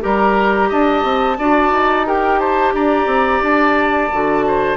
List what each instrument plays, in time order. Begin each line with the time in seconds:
0.00 bassoon G3, clarinet G4, oboe A#4, flute A#5
0.68 bassoon D4, oboe D#5, flute A5
1.04 bassoon C4
1.38 bassoon D4, clarinet F#4, oboe D5
1.71 bassoon D#4
2.06 clarinet G4, oboe A#4, flute G5
2.39 oboe C5, flute A5
2.74 bassoon D4, oboe D5, flute A#5
3.06 bassoon C4
3.41 bassoon D4, flute A5
4.12 bassoon D3, clarinet F#4
4.47 oboe C5